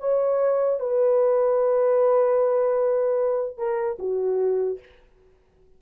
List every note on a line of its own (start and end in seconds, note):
0.00 0.80 C#5
0.80 3.57 B4
3.57 3.97 A#4
3.99 4.79 F#4